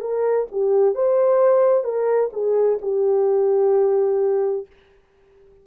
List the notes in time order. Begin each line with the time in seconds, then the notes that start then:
0.00 A#4
0.52 G4
0.94 C5
1.84 A#4
2.32 G#4
2.82 G4